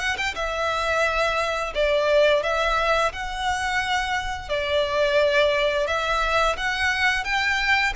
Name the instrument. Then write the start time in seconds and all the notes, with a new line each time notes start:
violin
0.00 F#5
0.18 G5
0.35 E5
1.75 D5
2.44 E5
3.13 F#5
4.50 D5
5.88 E5
6.57 F#5
7.25 G5